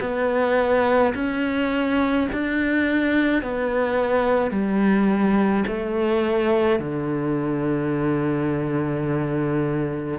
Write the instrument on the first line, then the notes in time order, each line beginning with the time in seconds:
cello
0.00 B3
1.14 C#4
2.32 D4
3.42 B3
4.50 G3
5.67 A3
6.79 D3